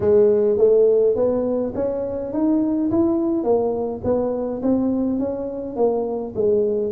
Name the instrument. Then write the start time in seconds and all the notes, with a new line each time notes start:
tuba
0.00 G#3
0.57 A3
1.15 B3
1.75 C#4
2.32 D#4
2.90 E4
3.43 A#3
4.04 B3
4.62 C4
5.19 C#4
5.76 A#3
6.35 G#3